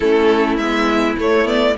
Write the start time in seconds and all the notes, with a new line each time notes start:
0.00 A3 C#4 E4 A4
0.57 G#3 B3 E5
1.17 A3 C#5
1.44 B3 D5